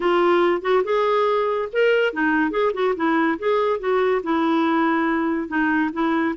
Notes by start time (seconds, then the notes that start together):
0.00 F4
0.61 F#4
0.84 G#4
1.72 A#4
2.13 D#4
2.50 G#4
2.73 F#4
2.96 E4
3.38 G#4
3.79 F#4
4.23 E4
5.48 D#4
5.93 E4